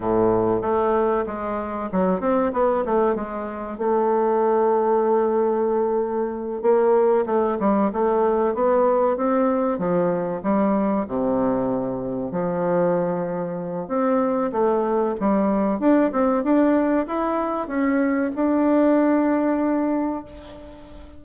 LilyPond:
\new Staff \with { instrumentName = "bassoon" } { \time 4/4 \tempo 4 = 95 a,4 a4 gis4 fis8 c'8 | b8 a8 gis4 a2~ | a2~ a8 ais4 a8 | g8 a4 b4 c'4 f8~ |
f8 g4 c2 f8~ | f2 c'4 a4 | g4 d'8 c'8 d'4 e'4 | cis'4 d'2. | }